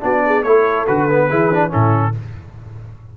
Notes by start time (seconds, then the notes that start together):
0.00 B3 D4 F#4 D5
0.26 G#4
0.43 A3 E4 A4 C#5
0.87 D3 F#4 B4
1.09 B3
1.29 E3 E4 G#4
1.54 D4
1.69 A2 C#4 E4 A4